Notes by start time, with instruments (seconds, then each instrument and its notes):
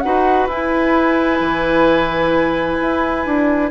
0.00 bassoon D#4, clarinet F#4, oboe B4, flute F#5
0.47 bassoon E4, clarinet E4, flute G#5
1.40 bassoon E3
2.81 bassoon E4
3.25 bassoon D4